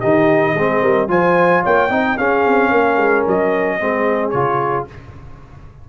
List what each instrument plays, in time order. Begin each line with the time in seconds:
0.00 tuba D#3, trombone D#4, horn G4, trumpet D#5
0.54 tuba G#3, trombone C4, horn G#4
0.82 tuba G3, horn A#4
1.08 tuba F3, trombone F4, horn C5, trumpet G#5
1.63 tuba A#3, horn C#5, trumpet G5
1.90 tuba C4, trombone D#4, horn D#5
2.18 trombone C#4, tuba C#4, horn G#4, trumpet F5
2.46 tuba C4
2.70 tuba A#3, horn A#4
2.97 tuba G#3
3.27 tuba F#3, trumpet D#5
3.80 tuba G#3, trombone C4, horn G#4
4.30 tuba C#3, trombone F4, trumpet C#5